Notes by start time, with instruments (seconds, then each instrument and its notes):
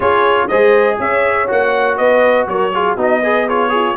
0.00 tuba C#4, trombone F4, horn G#4, trumpet C#5
0.48 tuba G#3, trombone G#4, horn C5, trumpet D#5
0.99 tuba C#4, horn C#5, trumpet E5
1.47 tuba A#3, trombone F#4, trumpet F#5
1.97 tuba B3, horn B4, trumpet D#5
2.47 tuba F#3, horn A#4, trumpet C#5
2.74 trombone F4, horn G#4
2.96 tuba B3, trombone D#4, horn F#4, trumpet D#5
3.23 trombone G#4, horn B4
3.46 trombone F4, horn G#4, trumpet C#5
3.69 horn F4, trombone G#4